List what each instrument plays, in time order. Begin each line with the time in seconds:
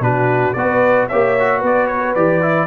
0.00 tuba B2, trombone D4, horn F#4, trumpet B4
0.53 tuba B3, trombone F#4, horn B4, trumpet D5
1.08 tuba A#3, trombone G4, horn C#5, trumpet E5
1.39 trombone F#4
1.59 tuba B3, horn B4
1.66 trumpet D5
1.87 trumpet C#5
2.15 tuba E3, trombone G4, trumpet D5
2.41 trombone E4